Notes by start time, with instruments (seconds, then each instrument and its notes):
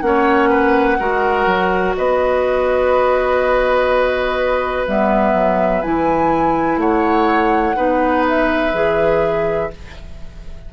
0.00 bassoon A#3, clarinet C#4, oboe C#5, flute F#5
0.49 oboe B4
0.99 bassoon G#3, clarinet F#4, oboe A#4
1.46 bassoon F#3
1.96 bassoon B3, oboe B4, flute D#5
4.87 bassoon G3, clarinet B3, flute E5
5.33 bassoon F#3
5.82 bassoon E3, clarinet E4, flute G#5
6.77 bassoon A3, oboe C#5, flute F#5
7.75 bassoon B3, clarinet D#4, oboe B4
8.28 flute E5
8.73 bassoon E3, clarinet G#4